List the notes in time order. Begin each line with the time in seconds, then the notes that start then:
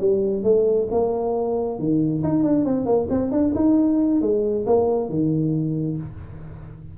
0.00 G3
0.43 A3
0.91 A#3
1.79 D#3
2.23 D#4
2.43 D4
2.65 C4
2.86 A#3
3.09 C4
3.31 D4
3.55 D#4
4.21 G#3
4.66 A#3
5.09 D#3